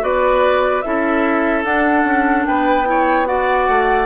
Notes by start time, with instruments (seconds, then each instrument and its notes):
0.00 bassoon B3, clarinet F#4, oboe B4, flute D5
0.81 bassoon C#4, clarinet E4, oboe A4, flute E5
1.64 bassoon D4, clarinet D4, flute F#5
2.04 bassoon C#4
2.45 bassoon B3, oboe B4, flute G5
2.85 clarinet E4, oboe C#5
3.26 clarinet F#4, oboe D5, flute F#5
3.68 bassoon A3